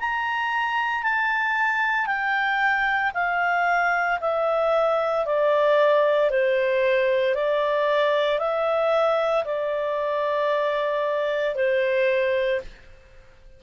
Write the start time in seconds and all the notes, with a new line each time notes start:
0.00 A#5
1.03 A5
2.07 G5
3.14 F5
4.21 E5
5.26 D5
6.31 C5
7.35 D5
8.39 E5
9.45 D5
11.56 C5